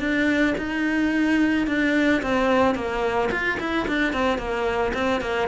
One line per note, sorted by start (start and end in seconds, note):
0.00 0.55 D4
0.58 1.67 D#4
1.67 2.22 D4
2.22 2.75 C4
2.75 3.30 A#3
3.31 3.59 F4
3.60 3.87 E4
3.88 4.13 D4
4.13 4.38 C4
4.38 4.93 A#3
4.94 5.21 C4
5.21 5.48 A#3